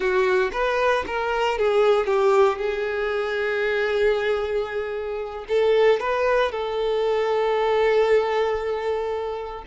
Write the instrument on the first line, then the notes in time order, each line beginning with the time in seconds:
violin
0.00 F#4
0.52 B4
1.06 A#4
1.58 G#4
2.06 G4
2.58 G#4
5.48 A4
6.00 B4
6.51 A4